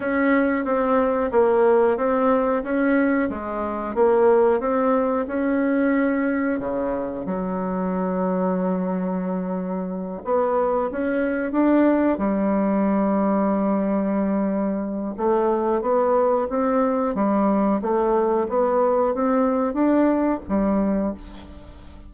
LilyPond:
\new Staff \with { instrumentName = "bassoon" } { \time 4/4 \tempo 4 = 91 cis'4 c'4 ais4 c'4 | cis'4 gis4 ais4 c'4 | cis'2 cis4 fis4~ | fis2.~ fis8 b8~ |
b8 cis'4 d'4 g4.~ | g2. a4 | b4 c'4 g4 a4 | b4 c'4 d'4 g4 | }